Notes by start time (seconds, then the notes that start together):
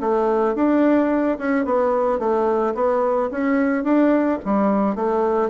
0.00 A3
0.55 D4
1.38 C#4
1.65 B3
2.19 A3
2.74 B3
3.31 C#4
3.84 D4
4.45 G3
4.95 A3